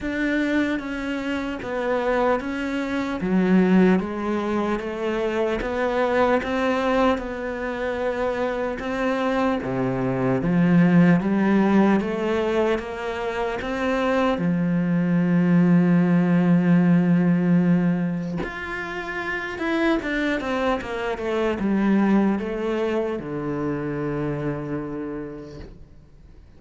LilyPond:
\new Staff \with { instrumentName = "cello" } { \time 4/4 \tempo 4 = 75 d'4 cis'4 b4 cis'4 | fis4 gis4 a4 b4 | c'4 b2 c'4 | c4 f4 g4 a4 |
ais4 c'4 f2~ | f2. f'4~ | f'8 e'8 d'8 c'8 ais8 a8 g4 | a4 d2. | }